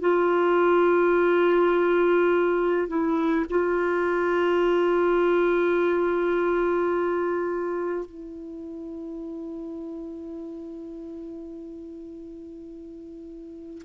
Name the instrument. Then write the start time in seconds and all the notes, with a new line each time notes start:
clarinet
0.00 F4
2.88 E4
3.50 F4
8.05 E4